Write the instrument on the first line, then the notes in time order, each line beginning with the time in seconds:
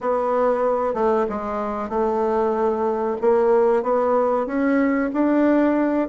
bassoon
0.00 B3
0.94 A3
1.29 G#3
1.89 A3
3.21 A#3
3.82 B3
4.46 C#4
5.13 D4